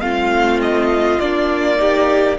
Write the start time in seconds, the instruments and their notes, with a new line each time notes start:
0.00 cello A3, viola C4, violin F4 F5
0.61 violin D#5
1.19 cello A#3, viola D4, violin D5
1.76 viola D#4, violin G4